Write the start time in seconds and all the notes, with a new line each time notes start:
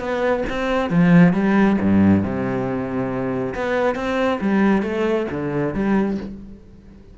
0.00 B3
0.49 C4
0.90 F3
1.33 G3
1.81 G2
2.23 C3
3.55 B3
3.96 C4
4.41 G3
4.83 A3
5.31 D3
5.74 G3